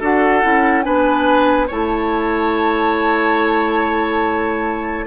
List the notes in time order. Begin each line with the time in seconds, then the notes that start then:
0.00 D4 F#4 A4 F#5
0.42 C#4 E4
0.82 B3 D4 B4 G#5
1.67 A3 E4 C#5 A5